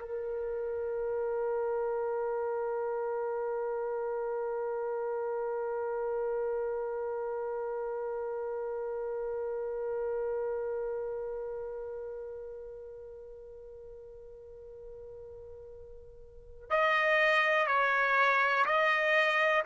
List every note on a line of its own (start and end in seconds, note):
0.00 16.71 A#4
16.71 17.67 D#5
17.67 18.65 C#5
18.66 19.64 D#5